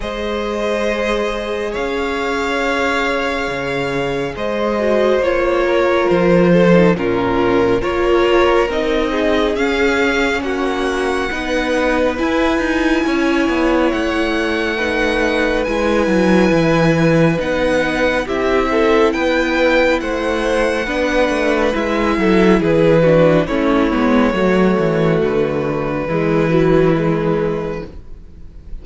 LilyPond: <<
  \new Staff \with { instrumentName = "violin" } { \time 4/4 \tempo 4 = 69 dis''2 f''2~ | f''4 dis''4 cis''4 c''4 | ais'4 cis''4 dis''4 f''4 | fis''2 gis''2 |
fis''2 gis''2 | fis''4 e''4 g''4 fis''4~ | fis''4 e''4 b'4 cis''4~ | cis''4 b'2. | }
  \new Staff \with { instrumentName = "violin" } { \time 4/4 c''2 cis''2~ | cis''4 c''4. ais'4 a'8 | f'4 ais'4. gis'4. | fis'4 b'2 cis''4~ |
cis''4 b'2.~ | b'4 g'8 a'8 b'4 c''4 | b'4. a'8 gis'8 fis'8 e'4 | fis'2 e'2 | }
  \new Staff \with { instrumentName = "viola" } { \time 4/4 gis'1~ | gis'4. fis'8 f'4.~ f'16 dis'16 | cis'4 f'4 dis'4 cis'4~ | cis'4 dis'4 e'2~ |
e'4 dis'4 e'2 | dis'4 e'2. | d'4 e'4. d'8 cis'8 b8 | a2 gis8 fis8 gis4 | }
  \new Staff \with { instrumentName = "cello" } { \time 4/4 gis2 cis'2 | cis4 gis4 ais4 f4 | ais,4 ais4 c'4 cis'4 | ais4 b4 e'8 dis'8 cis'8 b8 |
a2 gis8 fis8 e4 | b4 c'4 b4 a4 | b8 a8 gis8 fis8 e4 a8 gis8 | fis8 e8 d4 e2 | }
>>